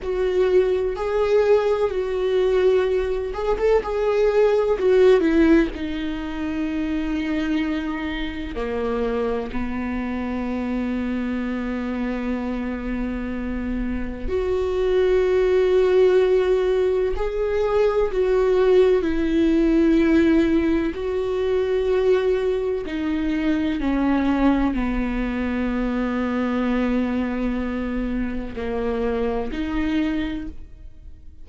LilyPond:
\new Staff \with { instrumentName = "viola" } { \time 4/4 \tempo 4 = 63 fis'4 gis'4 fis'4. gis'16 a'16 | gis'4 fis'8 e'8 dis'2~ | dis'4 ais4 b2~ | b2. fis'4~ |
fis'2 gis'4 fis'4 | e'2 fis'2 | dis'4 cis'4 b2~ | b2 ais4 dis'4 | }